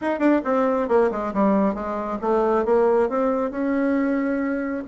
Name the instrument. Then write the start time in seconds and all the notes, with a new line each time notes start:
bassoon
0.01 D#4
0.19 D4
0.44 C4
0.88 A#3
1.11 G#3
1.33 G3
1.74 G#3
2.21 A3
2.65 A#3
3.09 C4
3.50 C#4